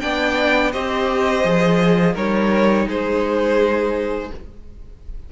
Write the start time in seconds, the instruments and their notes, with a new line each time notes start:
0.00 cello B3, viola D4, violin D5 G5
0.72 cello C4, viola G4, violin C5 D#5
1.43 cello F3, viola G#4
2.13 cello G3, viola D#4, violin A#4 C#5
2.87 cello G#3, violin G#4 C5